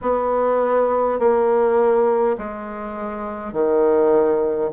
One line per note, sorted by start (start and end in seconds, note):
0.01 1.19 B3
1.19 2.36 A#3
2.37 3.52 G#3
3.52 4.70 D#3